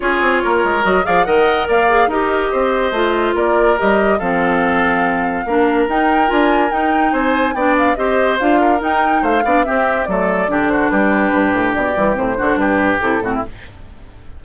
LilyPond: <<
  \new Staff \with { instrumentName = "flute" } { \time 4/4 \tempo 4 = 143 cis''2 dis''8 f''8 fis''4 | f''4 dis''2. | d''4 dis''4 f''2~ | f''2 g''4 gis''4 |
g''4 gis''4 g''8 f''8 dis''4 | f''4 g''4 f''4 e''4 | d''4. c''8 b'2 | d''4 c''4 b'4 a'4 | }
  \new Staff \with { instrumentName = "oboe" } { \time 4/4 gis'4 ais'4. d''8 dis''4 | d''4 ais'4 c''2 | ais'2 a'2~ | a'4 ais'2.~ |
ais'4 c''4 d''4 c''4~ | c''8 ais'4. c''8 d''8 g'4 | a'4 g'8 fis'8 g'2~ | g'4. fis'8 g'4. fis'16 e'16 | }
  \new Staff \with { instrumentName = "clarinet" } { \time 4/4 f'2 fis'8 gis'8 ais'4~ | ais'8 gis'8 g'2 f'4~ | f'4 g'4 c'2~ | c'4 d'4 dis'4 f'4 |
dis'2 d'4 g'4 | f'4 dis'4. d'8 c'4 | a4 d'2.~ | d'8 g8 c'8 d'4. e'8 c'8 | }
  \new Staff \with { instrumentName = "bassoon" } { \time 4/4 cis'8 c'8 ais8 gis8 fis8 f8 dis4 | ais4 dis'4 c'4 a4 | ais4 g4 f2~ | f4 ais4 dis'4 d'4 |
dis'4 c'4 b4 c'4 | d'4 dis'4 a8 b8 c'4 | fis4 d4 g4 g,8 a,8 | b,8 e8 a,8 d8 g,4 c8 a,8 | }
>>